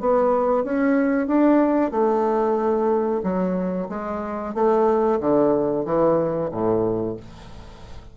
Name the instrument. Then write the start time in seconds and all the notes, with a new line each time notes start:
bassoon
0.00 B3
0.64 C#4
1.27 D4
1.91 A3
3.23 F#3
3.89 G#3
4.54 A3
5.20 D3
5.85 E3
6.51 A2